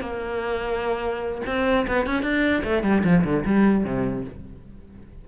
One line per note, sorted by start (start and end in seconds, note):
0.00 1.41 A#3
1.46 1.86 C4
1.87 2.06 B3
2.06 2.22 C#4
2.22 2.62 D4
2.63 2.83 A3
2.83 3.03 G3
3.03 3.24 F3
3.24 3.44 D3
3.45 3.84 G3
3.84 4.24 C3